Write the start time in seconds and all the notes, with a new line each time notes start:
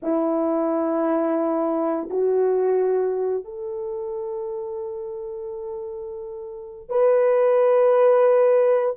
0.02 E4
2.09 F#4
3.44 A4
6.89 B4